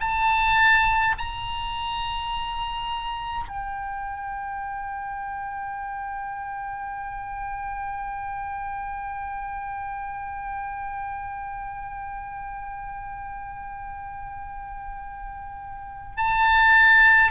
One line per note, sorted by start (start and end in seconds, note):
0.00 1.15 A5
1.18 3.48 A#5
3.48 16.16 G5
16.16 17.31 A5